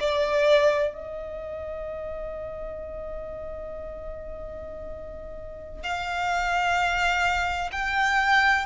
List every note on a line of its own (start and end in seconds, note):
0.00 0.94 D5
0.94 5.83 D#5
5.83 7.70 F5
7.72 8.66 G5